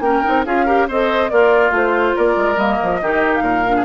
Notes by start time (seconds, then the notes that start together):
0.00 A#3 C#4 A#4 G5
0.23 C4 D#4
0.45 C#4 F4 G#4 F5
0.65 G4 A#4
0.88 C4 A4 C5 D#5
1.29 A#3 F4 A#4 D5
1.71 A3 F4 C5
2.16 A#3 A#4 D5
2.37 G#3
2.56 G3 A#3 D#5
2.82 F3
3.02 D#3 D#4 G4
3.34 F5
3.41 A#2 A#4
3.66 D4
3.76 G#4